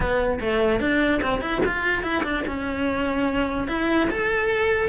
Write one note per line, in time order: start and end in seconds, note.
0.00 0.39 B3
0.40 0.80 A3
0.80 1.20 D4
1.22 1.41 C4
1.41 1.61 E4
1.65 2.02 F4
2.02 2.23 E4
2.23 2.44 D4
2.47 3.67 C#4
3.67 4.08 E4
4.10 4.88 A4